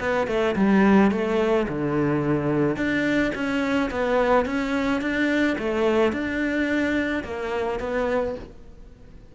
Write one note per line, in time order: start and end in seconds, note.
0.00 0.28 B3
0.28 0.55 A3
0.56 1.12 G3
1.12 1.67 A3
1.69 2.77 D3
2.77 3.32 D4
3.35 3.91 C#4
3.91 4.46 B3
4.46 5.02 C#4
5.02 5.57 D4
5.59 6.13 A3
6.13 7.24 D4
7.24 7.80 A#3
7.80 8.36 B3